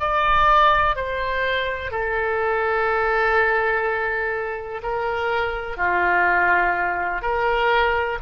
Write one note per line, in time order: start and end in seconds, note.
0.00 0.96 D5
0.96 1.91 C5
1.91 4.82 A4
4.83 5.77 A#4
5.77 7.22 F4
7.22 8.19 A#4